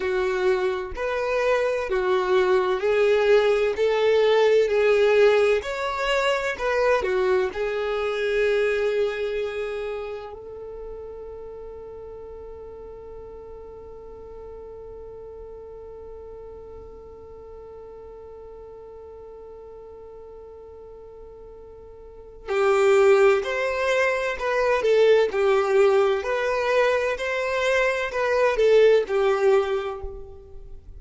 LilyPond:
\new Staff \with { instrumentName = "violin" } { \time 4/4 \tempo 4 = 64 fis'4 b'4 fis'4 gis'4 | a'4 gis'4 cis''4 b'8 fis'8 | gis'2. a'4~ | a'1~ |
a'1~ | a'1 | g'4 c''4 b'8 a'8 g'4 | b'4 c''4 b'8 a'8 g'4 | }